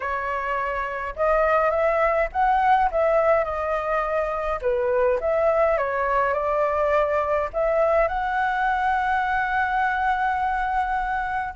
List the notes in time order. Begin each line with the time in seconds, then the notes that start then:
0.00 C#5
1.16 D#5
1.70 E5
2.32 F#5
2.91 E5
3.44 D#5
4.61 B4
5.20 E5
5.77 C#5
6.33 D5
7.53 E5
8.07 F#5